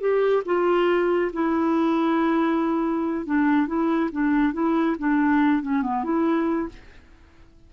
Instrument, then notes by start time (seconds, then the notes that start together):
clarinet
0.00 G4
0.45 F4
1.33 E4
3.26 D4
3.67 E4
4.12 D4
4.53 E4
4.99 D4
5.62 C#4
5.82 B3
6.04 E4